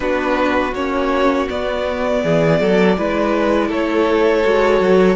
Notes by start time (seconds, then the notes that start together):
0.00 B3 D4 F#4 B4
0.74 A#3 C#4 C#5
1.48 B3 D5
2.23 E3 G#4
2.60 F#3 A4
2.97 G#3 E4 B4
3.68 A3 A4 C#5
4.44 G#3 F#4
4.80 F#3